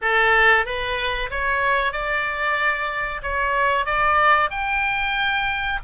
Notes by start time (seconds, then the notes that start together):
0.01 A4
0.65 B4
1.30 C#5
1.92 D5
3.22 C#5
3.85 D5
4.50 G5